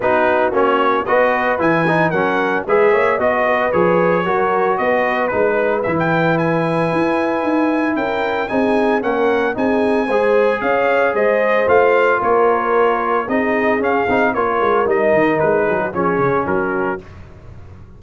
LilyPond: <<
  \new Staff \with { instrumentName = "trumpet" } { \time 4/4 \tempo 4 = 113 b'4 cis''4 dis''4 gis''4 | fis''4 e''4 dis''4 cis''4~ | cis''4 dis''4 b'4 e''16 g''8. | gis''2. g''4 |
gis''4 fis''4 gis''2 | f''4 dis''4 f''4 cis''4~ | cis''4 dis''4 f''4 cis''4 | dis''4 b'4 cis''4 ais'4 | }
  \new Staff \with { instrumentName = "horn" } { \time 4/4 fis'2 b'2 | ais'4 b'8 cis''8 dis''8 b'4. | ais'4 b'2.~ | b'2. ais'4 |
gis'4 ais'4 gis'4 c''4 | cis''4 c''2 ais'4~ | ais'4 gis'2 ais'4~ | ais'4. gis'16 fis'16 gis'4 fis'4 | }
  \new Staff \with { instrumentName = "trombone" } { \time 4/4 dis'4 cis'4 fis'4 e'8 dis'8 | cis'4 gis'4 fis'4 gis'4 | fis'2 dis'4 e'4~ | e'1 |
dis'4 cis'4 dis'4 gis'4~ | gis'2 f'2~ | f'4 dis'4 cis'8 dis'8 f'4 | dis'2 cis'2 | }
  \new Staff \with { instrumentName = "tuba" } { \time 4/4 b4 ais4 b4 e4 | fis4 gis8 ais8 b4 f4 | fis4 b4 gis4 e4~ | e4 e'4 dis'4 cis'4 |
c'4 ais4 c'4 gis4 | cis'4 gis4 a4 ais4~ | ais4 c'4 cis'8 c'8 ais8 gis8 | g8 dis8 gis8 fis8 f8 cis8 fis4 | }
>>